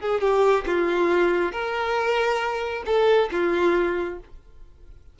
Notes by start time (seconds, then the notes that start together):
0.00 G#4
0.21 G4
0.66 F4
1.52 A#4
2.86 A4
3.32 F4